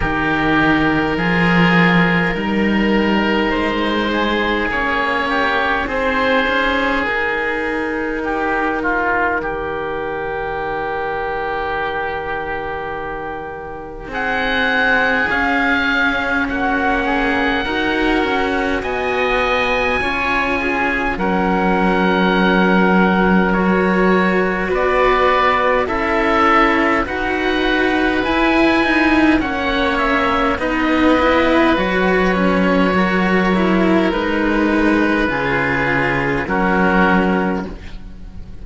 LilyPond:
<<
  \new Staff \with { instrumentName = "oboe" } { \time 4/4 \tempo 4 = 51 ais'2. c''4 | cis''4 c''4 ais'2~ | ais'1 | fis''4 f''4 fis''2 |
gis''2 fis''2 | cis''4 d''4 e''4 fis''4 | gis''4 fis''8 e''8 dis''4 cis''4~ | cis''4 b'2 ais'4 | }
  \new Staff \with { instrumentName = "oboe" } { \time 4/4 g'4 gis'4 ais'4. gis'8~ | gis'8 g'8 gis'2 g'8 f'8 | g'1 | gis'2 fis'8 gis'8 ais'4 |
dis''4 cis''8 gis'8 ais'2~ | ais'4 b'4 a'4 b'4~ | b'4 cis''4 b'2 | ais'2 gis'4 fis'4 | }
  \new Staff \with { instrumentName = "cello" } { \time 4/4 dis'4 f'4 dis'2 | cis'4 dis'2.~ | dis'1~ | dis'4 cis'2 fis'4~ |
fis'4 f'4 cis'2 | fis'2 e'4 fis'4 | e'8 dis'8 cis'4 dis'8 e'8 fis'8 cis'8 | fis'8 e'8 dis'4 f'4 cis'4 | }
  \new Staff \with { instrumentName = "cello" } { \time 4/4 dis4 f4 g4 gis4 | ais4 c'8 cis'8 dis'2 | dis1 | c'4 cis'4 ais4 dis'8 cis'8 |
b4 cis'4 fis2~ | fis4 b4 cis'4 dis'4 | e'4 ais4 b4 fis4~ | fis4 gis4 cis4 fis4 | }
>>